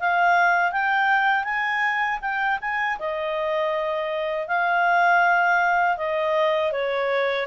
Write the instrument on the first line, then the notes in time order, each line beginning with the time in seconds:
clarinet
0.00 F5
0.72 G5
1.44 G#5
2.22 G5
2.61 G#5
2.99 D#5
4.48 F5
5.98 D#5
6.72 C#5